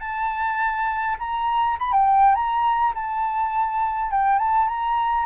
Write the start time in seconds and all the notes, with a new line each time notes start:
0.00 A5
1.19 A#5
1.79 B5
1.92 G5
2.35 A#5
2.95 A5
4.11 G5
4.39 A5
4.68 A#5